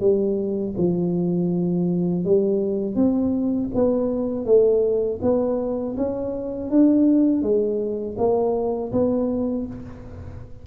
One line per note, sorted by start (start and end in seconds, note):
0.00 0.74 G3
0.77 2.25 F3
2.25 2.95 G3
2.95 3.69 C4
3.74 4.45 B3
4.45 5.20 A3
5.22 5.96 B3
5.97 6.70 C#4
6.70 7.42 D4
7.42 8.16 G#3
8.18 8.92 A#3
8.92 9.66 B3